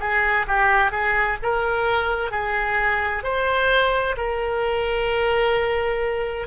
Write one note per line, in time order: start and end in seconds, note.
0.00 0.46 G#4
0.47 0.91 G4
0.91 1.38 G#4
1.43 2.31 A#4
2.31 3.23 G#4
3.23 4.16 C5
4.17 6.47 A#4